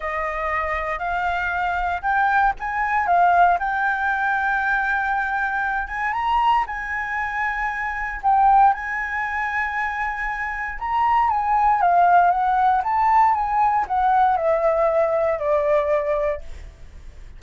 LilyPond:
\new Staff \with { instrumentName = "flute" } { \time 4/4 \tempo 4 = 117 dis''2 f''2 | g''4 gis''4 f''4 g''4~ | g''2.~ g''8 gis''8 | ais''4 gis''2. |
g''4 gis''2.~ | gis''4 ais''4 gis''4 f''4 | fis''4 a''4 gis''4 fis''4 | e''2 d''2 | }